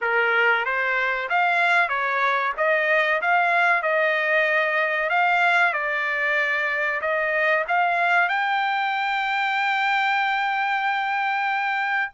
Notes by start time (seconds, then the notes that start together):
0.01 A#4
0.65 C5
1.29 F5
1.88 C#5
2.57 D#5
3.21 F5
3.82 D#5
5.09 F5
5.73 D5
7.01 D#5
7.68 F5
8.28 G5